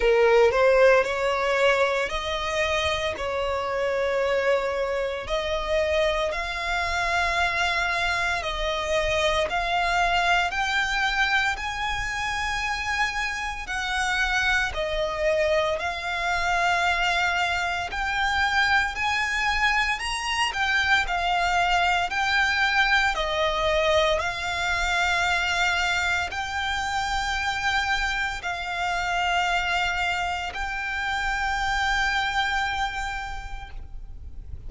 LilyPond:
\new Staff \with { instrumentName = "violin" } { \time 4/4 \tempo 4 = 57 ais'8 c''8 cis''4 dis''4 cis''4~ | cis''4 dis''4 f''2 | dis''4 f''4 g''4 gis''4~ | gis''4 fis''4 dis''4 f''4~ |
f''4 g''4 gis''4 ais''8 g''8 | f''4 g''4 dis''4 f''4~ | f''4 g''2 f''4~ | f''4 g''2. | }